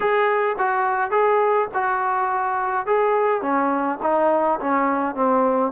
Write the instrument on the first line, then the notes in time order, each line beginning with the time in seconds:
trombone
0.00 G#4
0.58 F#4
1.11 G#4
1.74 F#4
2.86 G#4
3.41 C#4
4.02 D#4
4.59 C#4
5.15 C4